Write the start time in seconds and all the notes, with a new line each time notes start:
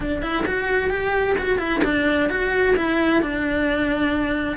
0.00 D4
0.22 E4
0.46 F#4
0.90 G4
1.38 F#4
1.58 E4
1.84 D4
2.29 F#4
2.76 E4
3.21 D4